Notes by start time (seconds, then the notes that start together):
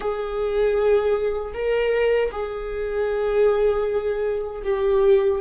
0.00 G#4
1.53 A#4
2.31 G#4
4.63 G4